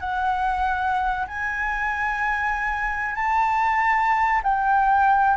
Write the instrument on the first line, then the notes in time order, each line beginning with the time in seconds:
flute
0.00 F#5
1.28 G#5
3.15 A5
4.44 G5